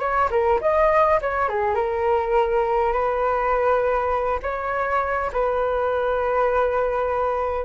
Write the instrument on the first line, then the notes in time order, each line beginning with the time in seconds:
flute
0.00 C#5
0.31 A#4
0.61 D#5
1.22 C#5
1.49 G#4
1.75 A#4
2.93 B4
4.43 C#5
5.33 B4